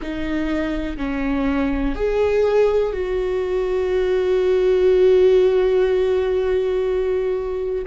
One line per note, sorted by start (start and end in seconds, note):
0.01 0.97 D#4
0.97 1.94 C#4
1.94 2.92 G#4
2.92 7.84 F#4